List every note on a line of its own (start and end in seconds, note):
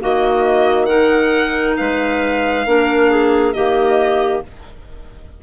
0.00 1.78 D#3
0.00 0.88 A#3
0.00 0.87 F#4
0.00 0.85 D#5
0.85 2.65 D#4
0.85 1.75 A#4
0.85 1.74 F#5
1.77 2.66 G#3
1.77 2.66 B4
1.77 3.53 F5
2.66 3.54 A#3
2.66 3.54 D4
2.66 3.10 A#4
3.10 3.54 G#4
3.53 4.43 D#3
3.53 4.43 A#3
3.53 4.43 G4
3.53 4.41 D#5